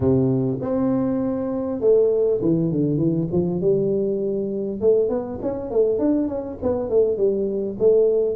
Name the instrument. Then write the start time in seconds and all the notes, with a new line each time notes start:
tuba
0.00 C3
0.61 C4
1.80 A3
2.41 E3
2.71 D3
2.97 E3
3.31 F3
3.60 G3
4.81 A3
5.09 B3
5.42 C#4
5.71 A3
5.98 D4
6.28 C#4
6.62 B3
6.89 A3
7.17 G3
7.79 A3